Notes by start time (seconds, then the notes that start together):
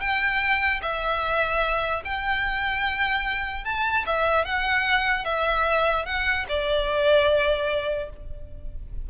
0.00 G5
0.82 E5
2.04 G5
3.64 A5
4.06 E5
4.45 F#5
5.24 E5
6.05 F#5
6.49 D5